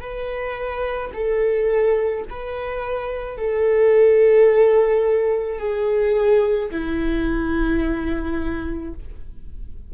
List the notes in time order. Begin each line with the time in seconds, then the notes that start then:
0.00 B4
1.14 A4
2.29 B4
3.37 A4
5.59 G#4
6.71 E4